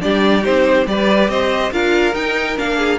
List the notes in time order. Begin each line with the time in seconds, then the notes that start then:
0.00 G3 D4 G4 D5
0.42 C4 D#4 C5
0.86 G3 G4 B4 D5
1.28 C4 C5 D#5
1.72 D4 F4 A#4 F5
2.12 D#4 G5
2.56 A#3 D4 F5
2.78 G#4